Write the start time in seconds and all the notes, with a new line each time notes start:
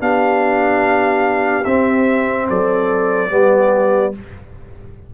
0.00 B3 D4 G4 F5
1.65 C4 E5
2.49 F#3 A4 D5
3.30 G3 B3 G4